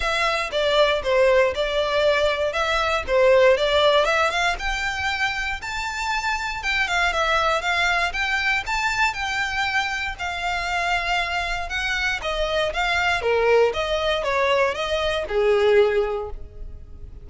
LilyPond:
\new Staff \with { instrumentName = "violin" } { \time 4/4 \tempo 4 = 118 e''4 d''4 c''4 d''4~ | d''4 e''4 c''4 d''4 | e''8 f''8 g''2 a''4~ | a''4 g''8 f''8 e''4 f''4 |
g''4 a''4 g''2 | f''2. fis''4 | dis''4 f''4 ais'4 dis''4 | cis''4 dis''4 gis'2 | }